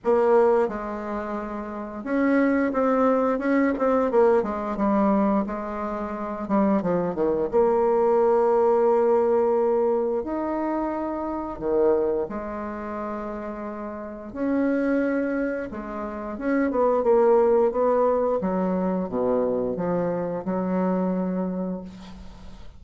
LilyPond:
\new Staff \with { instrumentName = "bassoon" } { \time 4/4 \tempo 4 = 88 ais4 gis2 cis'4 | c'4 cis'8 c'8 ais8 gis8 g4 | gis4. g8 f8 dis8 ais4~ | ais2. dis'4~ |
dis'4 dis4 gis2~ | gis4 cis'2 gis4 | cis'8 b8 ais4 b4 fis4 | b,4 f4 fis2 | }